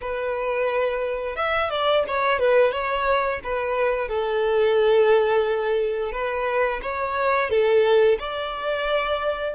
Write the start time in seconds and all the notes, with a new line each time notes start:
0.01 B4
1.35 E5
1.70 D5
2.07 C#5
2.39 B4
2.71 C#5
3.43 B4
4.08 A4
6.12 B4
6.82 C#5
7.50 A4
8.19 D5